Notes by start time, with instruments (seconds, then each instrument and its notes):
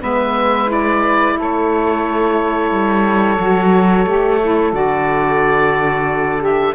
0.00 cello G#3, saxophone B3 B4, oboe E5
0.67 saxophone E4, oboe D5
1.36 cello A3, saxophone A4, oboe C#5
2.71 cello G3
3.39 cello F#3, saxophone F#4
4.05 cello A3, saxophone G4
4.41 saxophone E4
4.72 cello D3, saxophone F#4, oboe D5
6.39 saxophone G4, oboe E5